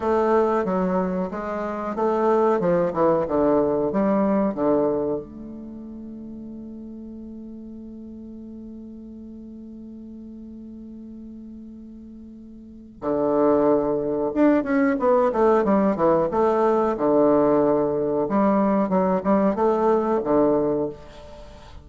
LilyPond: \new Staff \with { instrumentName = "bassoon" } { \time 4/4 \tempo 4 = 92 a4 fis4 gis4 a4 | f8 e8 d4 g4 d4 | a1~ | a1~ |
a1 | d2 d'8 cis'8 b8 a8 | g8 e8 a4 d2 | g4 fis8 g8 a4 d4 | }